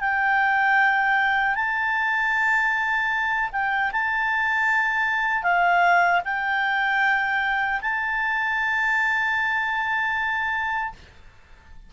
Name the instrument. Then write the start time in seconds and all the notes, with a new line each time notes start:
clarinet
0.00 G5
1.55 A5
3.52 G5
3.92 A5
5.43 F5
6.24 G5
7.81 A5